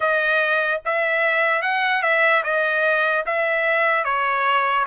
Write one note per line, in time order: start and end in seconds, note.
0.00 0.81 D#5
0.85 1.61 E5
1.61 2.02 F#5
2.02 2.43 E5
2.43 3.24 D#5
3.25 4.04 E5
4.04 4.85 C#5